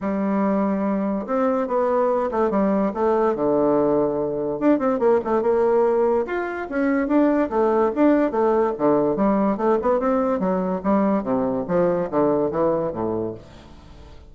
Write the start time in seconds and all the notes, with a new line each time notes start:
0.01 G3
1.26 C4
1.67 B3
2.31 A3
2.50 G3
2.93 A3
3.35 D3
4.59 D4
4.78 C4
4.99 A#3
5.24 A3
5.42 A#3
6.26 F4
6.69 C#4
7.07 D4
7.49 A3
7.95 D4
8.31 A3
8.77 D3
9.16 G3
9.57 A3
9.81 B3
9.99 C4
10.39 F#3
10.83 G3
11.23 C3
11.67 F3
12.10 D3
12.50 E3
12.92 A2